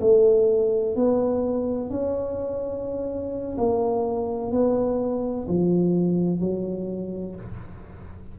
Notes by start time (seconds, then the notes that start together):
0.00 A3
0.95 B3
1.90 C#4
3.57 A#3
4.51 B3
5.48 F3
6.40 F#3